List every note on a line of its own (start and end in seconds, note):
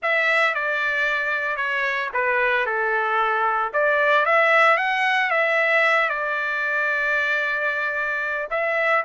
0.02 0.54 E5
0.54 1.56 D5
1.56 2.09 C#5
2.13 2.65 B4
2.65 3.72 A4
3.73 4.25 D5
4.25 4.77 E5
4.77 5.30 F#5
5.30 6.09 E5
6.09 8.48 D5
8.50 9.03 E5